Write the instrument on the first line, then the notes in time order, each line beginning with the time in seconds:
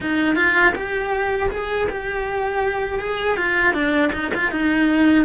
cello
0.00 D#4
0.35 F4
0.75 G4
1.50 G#4
1.89 G4
2.99 G#4
3.36 F4
3.73 D4
4.12 D#4
4.34 F4
4.51 D#4